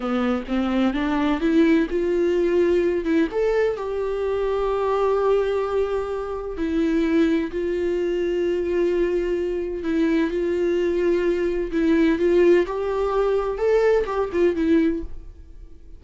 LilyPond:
\new Staff \with { instrumentName = "viola" } { \time 4/4 \tempo 4 = 128 b4 c'4 d'4 e'4 | f'2~ f'8 e'8 a'4 | g'1~ | g'2 e'2 |
f'1~ | f'4 e'4 f'2~ | f'4 e'4 f'4 g'4~ | g'4 a'4 g'8 f'8 e'4 | }